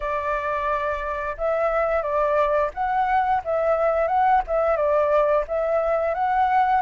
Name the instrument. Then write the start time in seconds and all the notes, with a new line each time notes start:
flute
0.00 D5
1.37 E5
2.02 D5
2.73 F#5
3.44 E5
4.07 F#5
4.47 E5
4.76 D5
5.47 E5
6.14 F#5